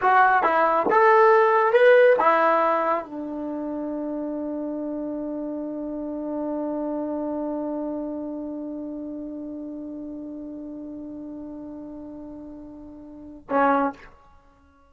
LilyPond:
\new Staff \with { instrumentName = "trombone" } { \time 4/4 \tempo 4 = 138 fis'4 e'4 a'2 | b'4 e'2 d'4~ | d'1~ | d'1~ |
d'1~ | d'1~ | d'1~ | d'2. cis'4 | }